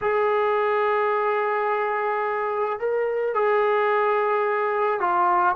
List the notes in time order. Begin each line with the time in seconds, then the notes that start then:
0.01 G#4
2.79 A#4
3.34 G#4
5.00 F4